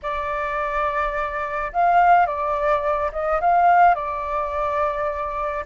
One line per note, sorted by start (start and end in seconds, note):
0.02 1.72 D5
1.72 2.26 F5
2.26 3.11 D5
3.12 3.40 D#5
3.40 3.94 F5
3.94 5.64 D5